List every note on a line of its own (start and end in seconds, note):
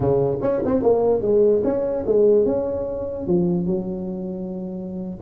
0.00 0.37 C#3
0.41 0.62 C#4
0.65 0.82 C4
0.82 1.21 A#3
1.21 1.62 G#3
1.64 2.04 C#4
2.06 2.45 G#3
2.45 3.27 C#4
3.27 3.66 F3
3.66 5.19 F#3